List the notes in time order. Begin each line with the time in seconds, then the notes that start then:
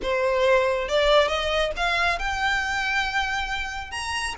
0.02 C5
0.88 D5
1.28 D#5
1.76 F5
2.19 G5
3.91 A#5